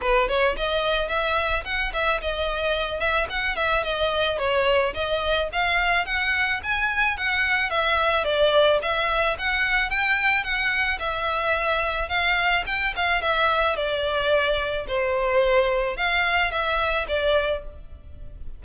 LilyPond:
\new Staff \with { instrumentName = "violin" } { \time 4/4 \tempo 4 = 109 b'8 cis''8 dis''4 e''4 fis''8 e''8 | dis''4. e''8 fis''8 e''8 dis''4 | cis''4 dis''4 f''4 fis''4 | gis''4 fis''4 e''4 d''4 |
e''4 fis''4 g''4 fis''4 | e''2 f''4 g''8 f''8 | e''4 d''2 c''4~ | c''4 f''4 e''4 d''4 | }